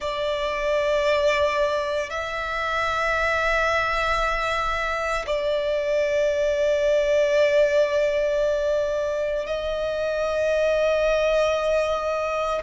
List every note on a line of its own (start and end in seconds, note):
0.00 2.10 D5
2.10 5.25 E5
5.26 9.46 D5
9.46 12.62 D#5